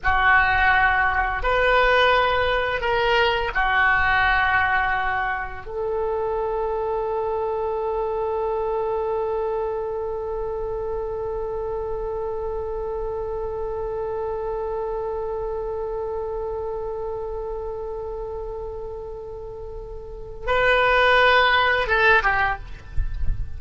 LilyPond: \new Staff \with { instrumentName = "oboe" } { \time 4/4 \tempo 4 = 85 fis'2 b'2 | ais'4 fis'2. | a'1~ | a'1~ |
a'1~ | a'1~ | a'1~ | a'4 b'2 a'8 g'8 | }